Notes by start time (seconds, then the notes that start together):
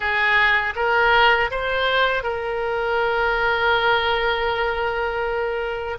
0.00 G#4
0.75 A#4
1.50 C5
2.23 A#4